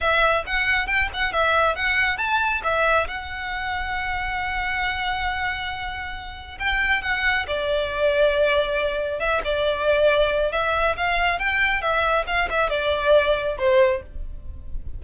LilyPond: \new Staff \with { instrumentName = "violin" } { \time 4/4 \tempo 4 = 137 e''4 fis''4 g''8 fis''8 e''4 | fis''4 a''4 e''4 fis''4~ | fis''1~ | fis''2. g''4 |
fis''4 d''2.~ | d''4 e''8 d''2~ d''8 | e''4 f''4 g''4 e''4 | f''8 e''8 d''2 c''4 | }